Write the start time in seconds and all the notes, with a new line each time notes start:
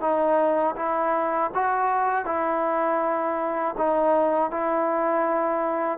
0.00 D#4
0.76 E4
1.54 F#4
2.25 E4
3.77 D#4
4.51 E4